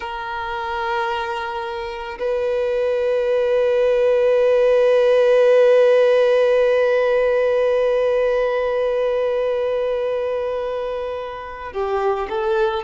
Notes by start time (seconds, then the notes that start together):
0.00 A#4
2.19 B4
11.73 G4
12.29 A4